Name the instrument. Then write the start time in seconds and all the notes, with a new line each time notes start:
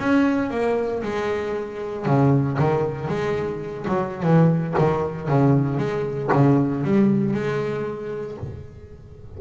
double bass
0.00 C#4
0.51 A#3
1.03 G#3
2.06 C#3
2.59 D#3
3.09 G#3
3.88 F#3
4.23 E3
4.79 D#3
5.29 C#3
5.78 G#3
6.33 C#3
6.85 G3
7.34 G#3